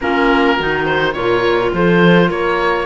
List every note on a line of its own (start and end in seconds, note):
0.00 0.59 A#3
0.00 0.58 C#4
0.00 0.56 F4
0.00 0.85 A#4
0.56 1.15 D#3
0.56 1.14 D#4
0.56 1.14 F#4
0.85 1.13 C5
1.13 1.72 A#2
1.13 2.86 F4
1.13 1.73 A#4
1.13 1.71 C#5
1.73 2.29 F3
1.73 2.28 A4
1.73 2.31 C5
2.28 2.86 A#3
2.28 2.86 A#4
2.28 2.86 C#5